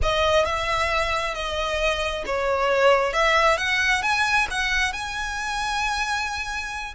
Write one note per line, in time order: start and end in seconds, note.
0.02 0.45 D#5
0.45 1.34 E5
1.34 2.24 D#5
2.26 3.13 C#5
3.13 3.57 E5
3.57 4.02 F#5
4.02 4.47 G#5
4.50 4.93 F#5
4.93 6.94 G#5